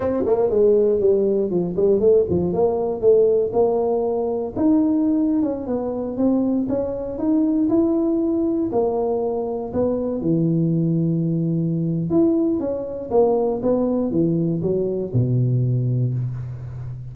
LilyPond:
\new Staff \with { instrumentName = "tuba" } { \time 4/4 \tempo 4 = 119 c'8 ais8 gis4 g4 f8 g8 | a8 f8 ais4 a4 ais4~ | ais4 dis'4.~ dis'16 cis'8 b8.~ | b16 c'4 cis'4 dis'4 e'8.~ |
e'4~ e'16 ais2 b8.~ | b16 e2.~ e8. | e'4 cis'4 ais4 b4 | e4 fis4 b,2 | }